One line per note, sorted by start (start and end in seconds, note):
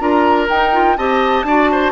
0.00 0.49 D4
0.00 0.48 F4
0.00 0.98 A#4
0.00 0.48 A#5
0.49 0.98 D#4
0.49 0.73 D#4
0.49 0.97 G5
0.73 0.97 F4
0.97 1.44 C4
0.97 1.46 G4
0.97 1.47 D#5
0.97 1.93 A5
1.44 1.92 D4
1.44 1.93 F#4
1.44 1.71 D5
1.72 1.93 C5